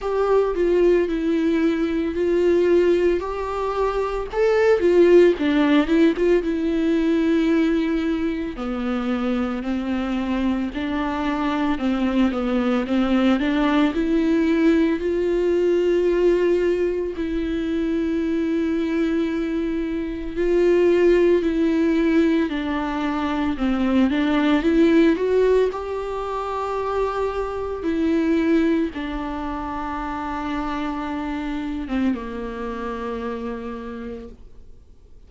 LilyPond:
\new Staff \with { instrumentName = "viola" } { \time 4/4 \tempo 4 = 56 g'8 f'8 e'4 f'4 g'4 | a'8 f'8 d'8 e'16 f'16 e'2 | b4 c'4 d'4 c'8 b8 | c'8 d'8 e'4 f'2 |
e'2. f'4 | e'4 d'4 c'8 d'8 e'8 fis'8 | g'2 e'4 d'4~ | d'4.~ d'16 c'16 ais2 | }